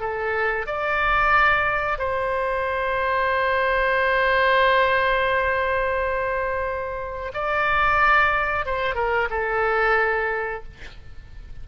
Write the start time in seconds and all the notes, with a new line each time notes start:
0.00 A4
0.66 D5
1.98 C5
7.33 D5
8.65 C5
8.95 A#4
9.30 A4